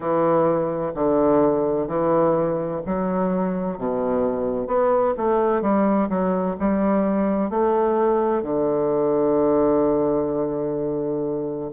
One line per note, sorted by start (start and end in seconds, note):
0.00 0.92 E3
0.94 1.87 D3
1.87 2.81 E3
2.86 3.78 F#3
3.78 4.67 B2
4.67 5.13 B3
5.17 5.61 A3
5.61 6.08 G3
6.09 6.56 F#3
6.59 7.50 G3
7.50 8.42 A3
8.42 11.71 D3